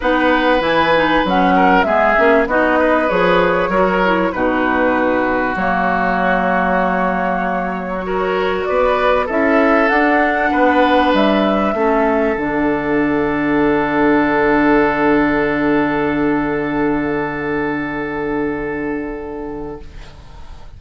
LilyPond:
<<
  \new Staff \with { instrumentName = "flute" } { \time 4/4 \tempo 4 = 97 fis''4 gis''4 fis''4 e''4 | dis''4 cis''2 b'4~ | b'4 cis''2.~ | cis''2 d''4 e''4 |
fis''2 e''2 | fis''1~ | fis''1~ | fis''1 | }
  \new Staff \with { instrumentName = "oboe" } { \time 4/4 b'2~ b'8 ais'8 gis'4 | fis'8 b'4. ais'4 fis'4~ | fis'1~ | fis'4 ais'4 b'4 a'4~ |
a'4 b'2 a'4~ | a'1~ | a'1~ | a'1 | }
  \new Staff \with { instrumentName = "clarinet" } { \time 4/4 dis'4 e'8 dis'8 cis'4 b8 cis'8 | dis'4 gis'4 fis'8 e'8 dis'4~ | dis'4 ais2.~ | ais4 fis'2 e'4 |
d'2. cis'4 | d'1~ | d'1~ | d'1 | }
  \new Staff \with { instrumentName = "bassoon" } { \time 4/4 b4 e4 fis4 gis8 ais8 | b4 f4 fis4 b,4~ | b,4 fis2.~ | fis2 b4 cis'4 |
d'4 b4 g4 a4 | d1~ | d1~ | d1 | }
>>